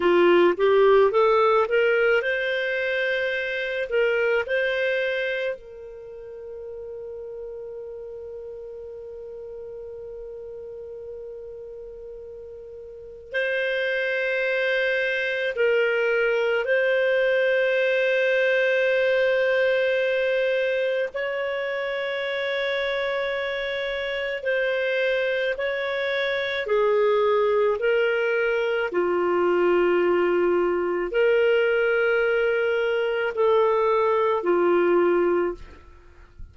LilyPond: \new Staff \with { instrumentName = "clarinet" } { \time 4/4 \tempo 4 = 54 f'8 g'8 a'8 ais'8 c''4. ais'8 | c''4 ais'2.~ | ais'1 | c''2 ais'4 c''4~ |
c''2. cis''4~ | cis''2 c''4 cis''4 | gis'4 ais'4 f'2 | ais'2 a'4 f'4 | }